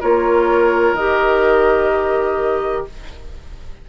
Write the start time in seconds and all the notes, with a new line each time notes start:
0.00 A#3 F4 A#4 C#5
0.93 D#3 G4 D#5